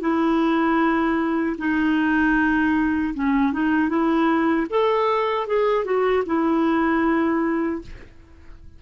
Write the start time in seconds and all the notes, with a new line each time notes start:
0.00 E4
1.58 D#4
3.14 C#4
3.52 D#4
3.89 E4
4.69 A4
5.47 G#4
5.84 F#4
6.26 E4